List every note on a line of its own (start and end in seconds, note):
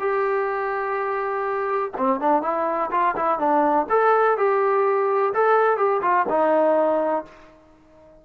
0.00 1.92 G4
1.98 2.21 C4
2.21 2.43 D4
2.43 2.91 E4
2.92 3.16 F4
3.17 3.39 E4
3.39 3.87 D4
3.90 4.38 A4
4.38 5.34 G4
5.34 5.78 A4
5.78 6.02 G4
6.02 6.26 F4
6.30 7.26 D#4